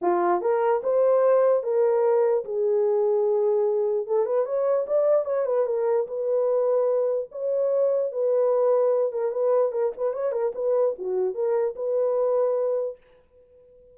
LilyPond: \new Staff \with { instrumentName = "horn" } { \time 4/4 \tempo 4 = 148 f'4 ais'4 c''2 | ais'2 gis'2~ | gis'2 a'8 b'8 cis''4 | d''4 cis''8 b'8 ais'4 b'4~ |
b'2 cis''2 | b'2~ b'8 ais'8 b'4 | ais'8 b'8 cis''8 ais'8 b'4 fis'4 | ais'4 b'2. | }